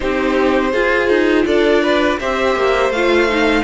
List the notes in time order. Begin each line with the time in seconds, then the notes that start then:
0.00 C4 D#4 G4 C5
0.72 F4 G#4
1.08 D#4
1.45 D4 A4 D5
1.82 B4
2.19 C4 G4 C5 E5
2.55 A#3
2.89 A3 F5
2.95 F4
3.28 D#4